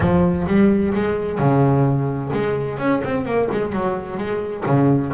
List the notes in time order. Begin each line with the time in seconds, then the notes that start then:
0.00 F3
0.47 G3
0.94 G#3
1.38 C#3
2.33 G#3
2.78 C#4
3.04 C4
3.25 A#3
3.51 G#3
3.72 F#3
4.17 G#3
4.66 C#3